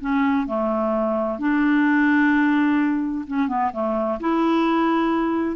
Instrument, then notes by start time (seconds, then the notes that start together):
clarinet
0.00 C#4
0.46 A3
1.38 D4
3.27 C#4
3.48 B3
3.72 A3
4.20 E4